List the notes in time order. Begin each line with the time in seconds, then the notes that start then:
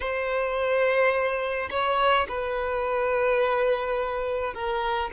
0.00 C5
1.70 C#5
2.28 B4
4.53 A#4